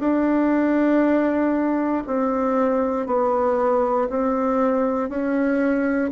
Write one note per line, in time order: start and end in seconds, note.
0.00 2.03 D4
2.07 3.06 C4
3.06 4.08 B3
4.10 5.09 C4
5.09 6.11 C#4